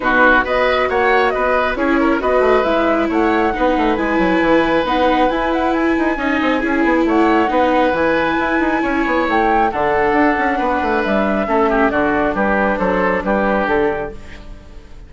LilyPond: <<
  \new Staff \with { instrumentName = "flute" } { \time 4/4 \tempo 4 = 136 b'4 dis''4 fis''4 dis''4 | cis''4 dis''4 e''4 fis''4~ | fis''4 gis''2 fis''4 | gis''8 fis''8 gis''2. |
fis''2 gis''2~ | gis''4 g''4 fis''2~ | fis''4 e''2 d''4 | b'4 c''4 b'4 a'4 | }
  \new Staff \with { instrumentName = "oboe" } { \time 4/4 fis'4 b'4 cis''4 b'4 | gis'8 ais'8 b'2 cis''4 | b'1~ | b'2 dis''4 gis'4 |
cis''4 b'2. | cis''2 a'2 | b'2 a'8 g'8 fis'4 | g'4 a'4 g'2 | }
  \new Staff \with { instrumentName = "viola" } { \time 4/4 dis'4 fis'2. | e'4 fis'4 e'2 | dis'4 e'2 dis'4 | e'2 dis'4 e'4~ |
e'4 dis'4 e'2~ | e'2 d'2~ | d'2 cis'4 d'4~ | d'1 | }
  \new Staff \with { instrumentName = "bassoon" } { \time 4/4 b,4 b4 ais4 b4 | cis'4 b8 a8 gis4 a4 | b8 a8 gis8 fis8 e4 b4 | e'4. dis'8 cis'8 c'8 cis'8 b8 |
a4 b4 e4 e'8 dis'8 | cis'8 b8 a4 d4 d'8 cis'8 | b8 a8 g4 a4 d4 | g4 fis4 g4 d4 | }
>>